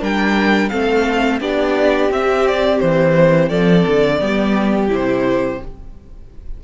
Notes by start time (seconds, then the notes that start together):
0.00 G3 D4 A#4 G5
0.69 A3 C4 A4 F5
1.40 B3 D4 G4 D5
2.10 C4 E5
2.47 D5
2.80 E3 C5
3.47 F3 A4 D5
3.86 D3
4.20 G3 B3 G4
4.88 C3 E4 C5